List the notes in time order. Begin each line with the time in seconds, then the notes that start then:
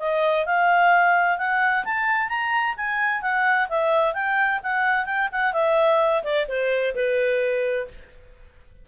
0.00 D#5
0.46 F5
1.38 F#5
1.85 A5
2.29 A#5
2.77 G#5
3.22 F#5
3.69 E5
4.14 G5
4.63 F#5
5.06 G5
5.32 F#5
5.53 E5
6.24 D5
6.49 C5
6.95 B4